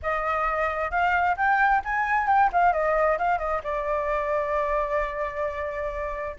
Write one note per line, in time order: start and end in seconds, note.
0.02 0.90 D#5
0.90 1.36 F5
1.37 1.82 G5
1.84 2.27 G#5
2.27 2.49 G5
2.52 2.72 F5
2.72 3.18 D#5
3.18 3.38 F5
3.38 3.61 D#5
3.63 6.36 D5